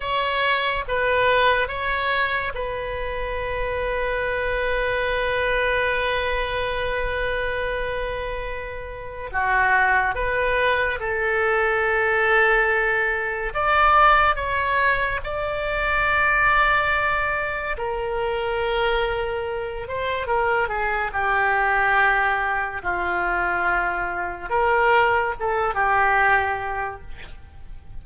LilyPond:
\new Staff \with { instrumentName = "oboe" } { \time 4/4 \tempo 4 = 71 cis''4 b'4 cis''4 b'4~ | b'1~ | b'2. fis'4 | b'4 a'2. |
d''4 cis''4 d''2~ | d''4 ais'2~ ais'8 c''8 | ais'8 gis'8 g'2 f'4~ | f'4 ais'4 a'8 g'4. | }